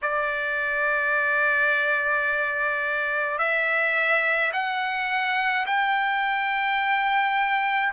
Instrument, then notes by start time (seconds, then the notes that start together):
trumpet
0.02 D5
3.38 E5
4.52 F#5
5.66 G5